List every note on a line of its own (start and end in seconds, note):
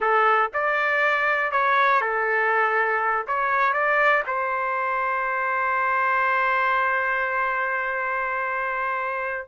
0.00 0.50 A4
0.53 1.51 D5
1.51 2.01 C#5
2.01 3.26 A4
3.27 3.72 C#5
3.72 4.22 D5
4.26 9.47 C5